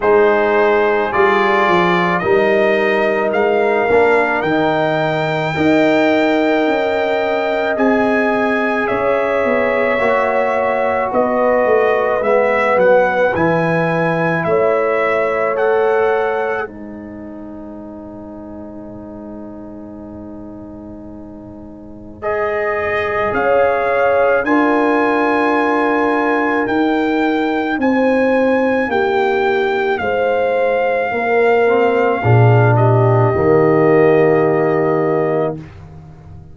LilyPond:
<<
  \new Staff \with { instrumentName = "trumpet" } { \time 4/4 \tempo 4 = 54 c''4 d''4 dis''4 f''4 | g''2. gis''4 | e''2 dis''4 e''8 fis''8 | gis''4 e''4 fis''4 gis''4~ |
gis''1 | dis''4 f''4 gis''2 | g''4 gis''4 g''4 f''4~ | f''4. dis''2~ dis''8 | }
  \new Staff \with { instrumentName = "horn" } { \time 4/4 gis'2 ais'2~ | ais'4 dis''2. | cis''2 b'2~ | b'4 cis''2 c''4~ |
c''1~ | c''4 cis''4 ais'2~ | ais'4 c''4 g'4 c''4 | ais'4 gis'8 g'2~ g'8 | }
  \new Staff \with { instrumentName = "trombone" } { \time 4/4 dis'4 f'4 dis'4. d'8 | dis'4 ais'2 gis'4~ | gis'4 fis'2 b4 | e'2 a'4 dis'4~ |
dis'1 | gis'2 f'2 | dis'1~ | dis'8 c'8 d'4 ais2 | }
  \new Staff \with { instrumentName = "tuba" } { \time 4/4 gis4 g8 f8 g4 gis8 ais8 | dis4 dis'4 cis'4 c'4 | cis'8 b8 ais4 b8 a8 gis8 fis8 | e4 a2 gis4~ |
gis1~ | gis4 cis'4 d'2 | dis'4 c'4 ais4 gis4 | ais4 ais,4 dis2 | }
>>